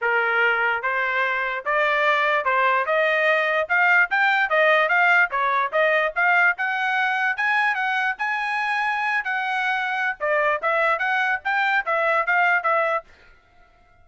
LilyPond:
\new Staff \with { instrumentName = "trumpet" } { \time 4/4 \tempo 4 = 147 ais'2 c''2 | d''2 c''4 dis''4~ | dis''4 f''4 g''4 dis''4 | f''4 cis''4 dis''4 f''4 |
fis''2 gis''4 fis''4 | gis''2~ gis''8. fis''4~ fis''16~ | fis''4 d''4 e''4 fis''4 | g''4 e''4 f''4 e''4 | }